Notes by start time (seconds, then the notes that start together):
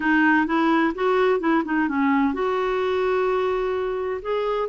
0.00 D#4
0.46 E4
0.94 F#4
1.40 E4
1.64 D#4
1.88 C#4
2.33 F#4
4.21 G#4